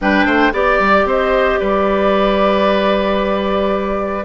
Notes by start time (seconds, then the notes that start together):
0.01 G3 D4 B4 G5
0.25 A3 C5
0.52 B3 G4 D5
0.79 G3
1.04 C4 C5 D#5
1.58 G3 B4 D5